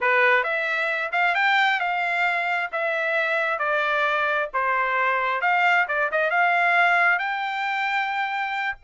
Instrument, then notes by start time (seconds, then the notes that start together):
trumpet
0.01 B4
0.43 E5
1.12 F5
1.35 G5
1.80 F5
2.71 E5
3.58 D5
4.53 C5
5.41 F5
5.87 D5
6.11 D#5
6.30 F5
7.19 G5